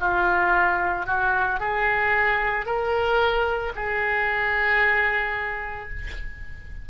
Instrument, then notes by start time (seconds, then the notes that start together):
oboe
0.00 F4
1.06 F#4
1.60 G#4
2.66 A#4
3.75 G#4